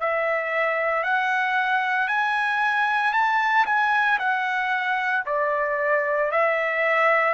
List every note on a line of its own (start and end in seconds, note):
0.00 1.03 E5
1.03 2.08 F#5
2.08 3.12 G#5
3.12 3.65 A5
3.66 4.18 G#5
4.19 5.24 F#5
5.26 6.31 D5
6.31 7.33 E5